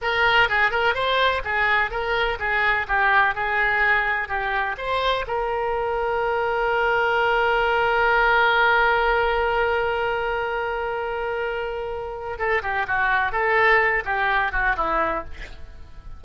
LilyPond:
\new Staff \with { instrumentName = "oboe" } { \time 4/4 \tempo 4 = 126 ais'4 gis'8 ais'8 c''4 gis'4 | ais'4 gis'4 g'4 gis'4~ | gis'4 g'4 c''4 ais'4~ | ais'1~ |
ais'1~ | ais'1~ | ais'2 a'8 g'8 fis'4 | a'4. g'4 fis'8 e'4 | }